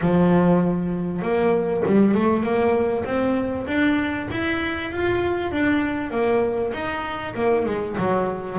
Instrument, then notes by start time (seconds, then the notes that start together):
double bass
0.01 F3
1.22 A#3
1.85 G3
2.14 A3
2.43 A#3
3.04 C4
3.67 D4
4.31 E4
4.92 F4
5.51 D4
6.11 A#3
6.73 D#4
7.35 A#3
7.65 G#3
7.97 F#3